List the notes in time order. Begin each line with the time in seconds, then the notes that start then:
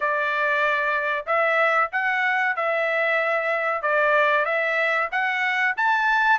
0.00 D5
1.26 E5
1.91 F#5
2.56 E5
3.82 D5
4.45 E5
5.11 F#5
5.76 A5